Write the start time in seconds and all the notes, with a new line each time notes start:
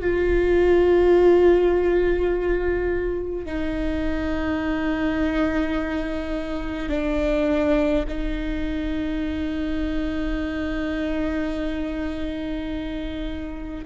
0.00 F4
3.46 D#4
6.89 D4
8.08 D#4